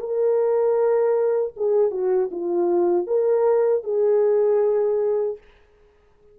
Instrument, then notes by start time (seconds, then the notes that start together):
horn
0.00 A#4
1.57 G#4
1.92 F#4
2.31 F4
3.07 A#4
3.84 G#4